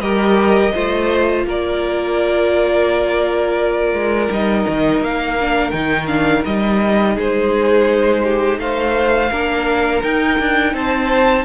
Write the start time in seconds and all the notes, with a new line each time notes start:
0.00 G3 G4 A#4 D#5
0.73 A3 F4 C5
1.45 A#3 A#4 D5
3.93 G#3
4.30 G3 D#4 D#5
4.67 D#3
5.00 A#3 F5
5.40 D4
5.71 D#3 D#4 G5
6.07 D4 F5
6.45 G3 D#4 D#5
7.14 G#3 G#4 C5
8.24 G4
8.59 A3 C5 F5
9.30 A#3 D4 A#4
10.03 D#4 G5
10.39 D4
10.74 C4 C5 A5